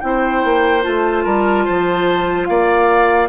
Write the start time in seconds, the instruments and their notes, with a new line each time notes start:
0.00 bassoon C4, clarinet E4, oboe C5, flute G5
0.44 bassoon A#3
0.82 bassoon A3, clarinet F4, flute A5
1.24 bassoon G3, oboe A#4
1.65 bassoon F3, oboe C5
2.45 bassoon A#3, oboe D5, flute F5